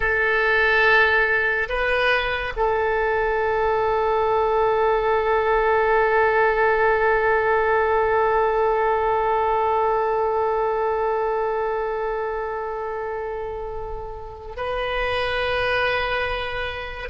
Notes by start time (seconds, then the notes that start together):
0.00 A4
1.68 B4
2.56 A4
14.56 B4